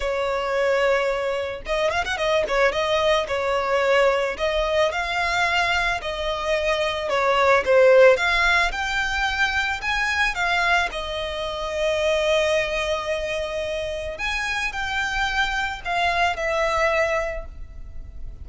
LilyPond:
\new Staff \with { instrumentName = "violin" } { \time 4/4 \tempo 4 = 110 cis''2. dis''8 f''16 fis''16 | dis''8 cis''8 dis''4 cis''2 | dis''4 f''2 dis''4~ | dis''4 cis''4 c''4 f''4 |
g''2 gis''4 f''4 | dis''1~ | dis''2 gis''4 g''4~ | g''4 f''4 e''2 | }